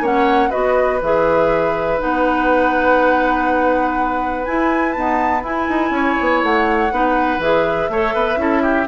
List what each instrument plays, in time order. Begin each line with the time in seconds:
0.00 bassoon A#3, clarinet C#4, oboe C#5, flute F#5
0.50 bassoon B3, clarinet F#4, oboe B4, flute D#5
1.02 bassoon E3, clarinet G#4, flute E5
1.99 bassoon B3, clarinet D#4, flute F#5
4.45 clarinet E4, bassoon E4, flute G#5
4.92 clarinet B3, bassoon D#4, flute A5
5.43 bassoon E4, clarinet E4, flute G#5
5.68 bassoon D#4
5.90 bassoon C#4, oboe C#5
6.20 bassoon B3
6.43 bassoon A3, flute F#5
6.91 bassoon B3, clarinet D#4, oboe B4
7.38 bassoon E3, clarinet G#4, flute E5
7.89 bassoon A3, clarinet A4, oboe C#5
8.14 bassoon B3, oboe B4
8.36 bassoon C#4, clarinet E4, oboe A4
8.62 oboe G4